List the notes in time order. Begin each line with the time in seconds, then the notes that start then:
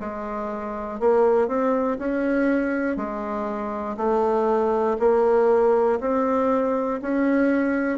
0.00 G#3
1.00 A#3
1.48 C4
1.99 C#4
2.97 G#3
3.97 A3
5.00 A#3
6.00 C4
7.02 C#4